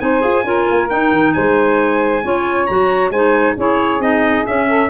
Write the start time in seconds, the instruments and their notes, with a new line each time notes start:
0.00 tuba C4, clarinet D#4, saxophone C5, trumpet G#5
0.21 tuba F4, clarinet G#4
0.44 tuba C#4, clarinet F4, saxophone A#4
0.71 tuba A#3
0.89 clarinet D#4, tuba D#4, trumpet G5
1.11 tuba D#3
1.34 tuba G#3, saxophone C5, trumpet G#5
2.24 tuba C#4, clarinet F4, saxophone C#5
2.67 tuba F#3, clarinet F#4, trumpet A#5
3.10 tuba G#3, clarinet D#4, saxophone C5, trumpet G#5
3.57 tuba C#4, clarinet E4, saxophone G#4, trumpet C#5
3.99 tuba C4, clarinet D#4, trumpet D#5
4.46 clarinet C#4, tuba C#4, trumpet E5
4.68 saxophone A4